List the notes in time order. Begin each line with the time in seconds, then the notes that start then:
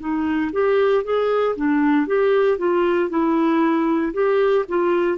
0.00 D#4
0.53 G4
1.04 G#4
1.57 D4
2.07 G4
2.58 F4
3.10 E4
4.14 G4
4.68 F4